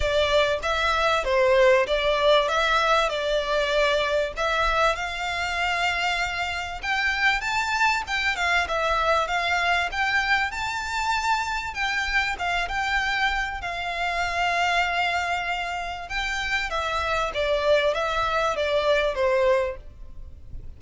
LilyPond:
\new Staff \with { instrumentName = "violin" } { \time 4/4 \tempo 4 = 97 d''4 e''4 c''4 d''4 | e''4 d''2 e''4 | f''2. g''4 | a''4 g''8 f''8 e''4 f''4 |
g''4 a''2 g''4 | f''8 g''4. f''2~ | f''2 g''4 e''4 | d''4 e''4 d''4 c''4 | }